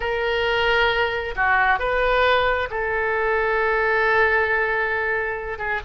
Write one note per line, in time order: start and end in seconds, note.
0.00 1.34 A#4
1.35 1.79 F#4
1.79 2.68 B4
2.70 5.58 A4
5.58 5.80 G#4